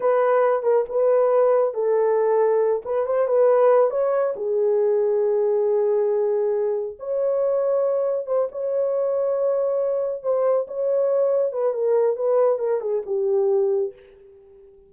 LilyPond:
\new Staff \with { instrumentName = "horn" } { \time 4/4 \tempo 4 = 138 b'4. ais'8 b'2 | a'2~ a'8 b'8 c''8 b'8~ | b'4 cis''4 gis'2~ | gis'1 |
cis''2. c''8 cis''8~ | cis''2.~ cis''8 c''8~ | c''8 cis''2 b'8 ais'4 | b'4 ais'8 gis'8 g'2 | }